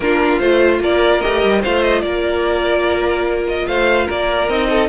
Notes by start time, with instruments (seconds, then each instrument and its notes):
0.00 cello A#3, viola D4, violin F4 A#4
0.39 cello A3, viola F4, violin C5
0.80 cello A#3, violin A#4 D5
1.21 cello A3, viola G4, violin D#5
1.43 cello G3
1.61 cello A3, viola F4, violin C5 F5
1.83 violin D#5
2.01 cello A#3, violin A#4 D5
3.47 violin D#5
3.67 cello A3, violin C5 F5
4.06 cello A#3, violin A#4 D5
4.48 cello C4, viola D#4, violin D#5
4.69 violin A4